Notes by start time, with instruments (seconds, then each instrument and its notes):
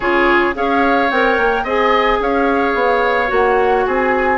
0.00 bassoon C#3, clarinet F4, oboe G#4, flute C#5
0.53 bassoon C#4, clarinet G#4, oboe C#5, flute F5
1.10 bassoon C4, clarinet A#4, flute G5
1.37 bassoon A#3
1.63 bassoon C4, clarinet G#4, oboe D#5, flute G#5
2.19 bassoon C#4, oboe C#5, flute F5
2.74 bassoon B3
3.27 bassoon A#3, clarinet F#4, flute F#5
3.86 bassoon C4, oboe G#4, flute G#5